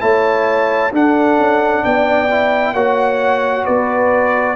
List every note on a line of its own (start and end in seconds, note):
0.00 0.92 A3
0.00 0.91 E4
0.00 0.93 C#5
0.00 0.91 A5
0.92 2.28 D4
0.92 1.38 D4
0.92 1.84 A4
0.92 1.84 F#5
1.38 1.83 C#4
1.84 2.73 B3
1.84 2.74 D5
1.84 2.74 G5
2.31 2.75 E4
2.73 3.64 A#3
2.73 4.56 F#4
2.73 3.64 C#5
2.73 3.65 F#5
3.64 4.56 B3
3.64 4.55 B4
3.64 4.56 D5